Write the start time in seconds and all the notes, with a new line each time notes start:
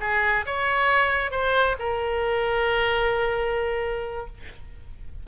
0.00 G#4
0.46 C#5
1.31 C5
1.79 A#4